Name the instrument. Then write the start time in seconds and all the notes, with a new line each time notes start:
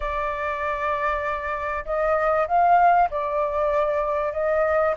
flute
0.00 D5
1.85 D#5
2.47 F5
3.10 D5
4.32 D#5